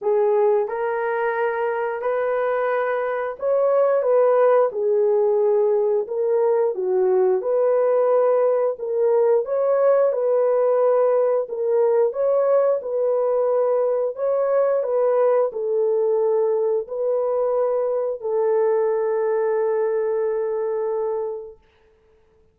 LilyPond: \new Staff \with { instrumentName = "horn" } { \time 4/4 \tempo 4 = 89 gis'4 ais'2 b'4~ | b'4 cis''4 b'4 gis'4~ | gis'4 ais'4 fis'4 b'4~ | b'4 ais'4 cis''4 b'4~ |
b'4 ais'4 cis''4 b'4~ | b'4 cis''4 b'4 a'4~ | a'4 b'2 a'4~ | a'1 | }